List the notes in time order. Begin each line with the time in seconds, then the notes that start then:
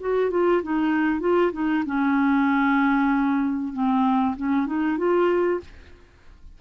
0.00 F#4
0.30 F4
0.63 D#4
1.20 F4
1.52 D#4
1.86 C#4
3.73 C4
4.36 C#4
4.66 D#4
4.97 F4